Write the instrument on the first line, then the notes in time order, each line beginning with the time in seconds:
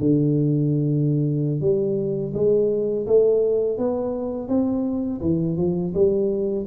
tuba
0.00 D3
1.61 G3
2.34 G#3
3.07 A3
3.78 B3
4.48 C4
5.21 E3
5.57 F3
5.94 G3